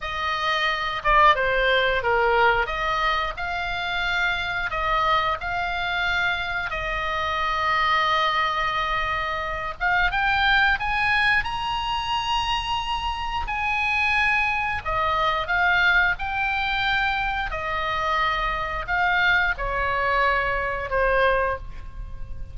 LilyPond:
\new Staff \with { instrumentName = "oboe" } { \time 4/4 \tempo 4 = 89 dis''4. d''8 c''4 ais'4 | dis''4 f''2 dis''4 | f''2 dis''2~ | dis''2~ dis''8 f''8 g''4 |
gis''4 ais''2. | gis''2 dis''4 f''4 | g''2 dis''2 | f''4 cis''2 c''4 | }